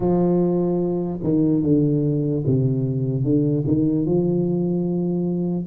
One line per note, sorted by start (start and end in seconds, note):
0.00 1.20 F3
1.23 1.63 D#3
1.63 2.44 D3
2.46 3.23 C3
3.23 3.64 D3
3.66 4.05 D#3
4.05 5.66 F3